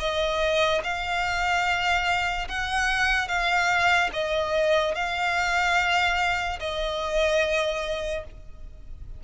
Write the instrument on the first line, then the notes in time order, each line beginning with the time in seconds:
violin
0.00 D#5
0.84 F5
2.49 F#5
3.28 F5
4.14 D#5
4.95 F5
6.60 D#5